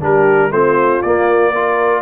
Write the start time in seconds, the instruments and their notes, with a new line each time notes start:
0.00 tuba G3, trombone D4, horn G4, trumpet A#4
0.51 tuba A3, trombone C4, horn F4, trumpet C5
1.02 tuba A#3, trombone A#3, trumpet D5
1.54 trombone F4, horn A#4